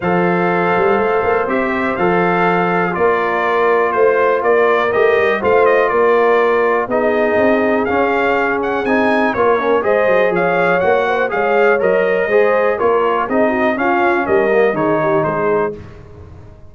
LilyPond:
<<
  \new Staff \with { instrumentName = "trumpet" } { \time 4/4 \tempo 4 = 122 f''2. e''4 | f''2 d''2 | c''4 d''4 dis''4 f''8 dis''8 | d''2 dis''2 |
f''4. fis''8 gis''4 cis''4 | dis''4 f''4 fis''4 f''4 | dis''2 cis''4 dis''4 | f''4 dis''4 cis''4 c''4 | }
  \new Staff \with { instrumentName = "horn" } { \time 4/4 c''1~ | c''2 ais'2 | c''4 ais'2 c''4 | ais'2 gis'2~ |
gis'2. ais'4 | c''4 cis''4. c''8 cis''4~ | cis''4 c''4 ais'4 gis'8 fis'8 | f'4 ais'4 gis'8 g'8 gis'4 | }
  \new Staff \with { instrumentName = "trombone" } { \time 4/4 a'2. g'4 | a'2 f'2~ | f'2 g'4 f'4~ | f'2 dis'2 |
cis'2 dis'4 f'8 cis'8 | gis'2 fis'4 gis'4 | ais'4 gis'4 f'4 dis'4 | cis'4. ais8 dis'2 | }
  \new Staff \with { instrumentName = "tuba" } { \time 4/4 f4. g8 a8 ais8 c'4 | f2 ais2 | a4 ais4 a8 g8 a4 | ais2 b4 c'4 |
cis'2 c'4 ais4 | gis8 fis8 f4 ais4 gis4 | fis4 gis4 ais4 c'4 | cis'4 g4 dis4 gis4 | }
>>